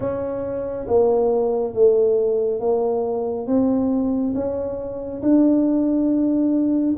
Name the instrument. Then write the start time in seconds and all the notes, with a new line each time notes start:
tuba
0.00 C#4
0.87 A#3
1.73 A3
2.59 A#3
3.46 C4
4.34 C#4
5.22 D4